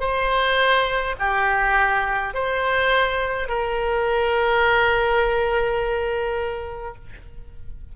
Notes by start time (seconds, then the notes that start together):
0.00 C5
1.20 G4
2.34 C5
3.49 A#4